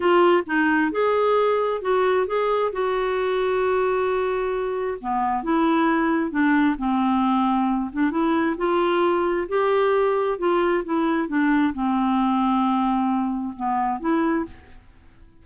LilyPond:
\new Staff \with { instrumentName = "clarinet" } { \time 4/4 \tempo 4 = 133 f'4 dis'4 gis'2 | fis'4 gis'4 fis'2~ | fis'2. b4 | e'2 d'4 c'4~ |
c'4. d'8 e'4 f'4~ | f'4 g'2 f'4 | e'4 d'4 c'2~ | c'2 b4 e'4 | }